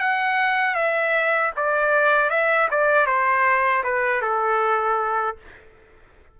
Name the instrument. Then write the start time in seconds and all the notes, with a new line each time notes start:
trumpet
0.00 F#5
0.75 E5
1.57 D5
2.30 E5
2.71 D5
3.07 C5
3.84 B4
4.22 A4